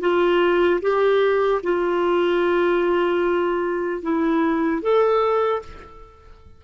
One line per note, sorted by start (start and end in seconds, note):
0.00 0.80 F4
0.81 1.61 G4
1.63 4.02 F4
4.02 4.82 E4
4.82 5.62 A4